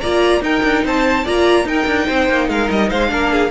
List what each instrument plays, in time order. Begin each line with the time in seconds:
0.00 cello A#3, viola F4, violin D5 A#5
0.41 cello D#4, viola D#4, violin A#4 G5
0.63 cello D4
0.84 cello C4, violin C5 A5
1.24 cello A#3, viola F4, violin D5 A#5
1.64 cello D#4, viola D#4, violin A#4 G5
1.86 cello D4
2.06 cello C4, violin C5
2.28 cello A#3
2.48 cello G#3, violin A#4 F5
2.70 cello G3, violin D#5
2.89 cello G#3, violin C5 F5
3.08 cello A#3, viola D4, violin A#4
3.32 violin G#4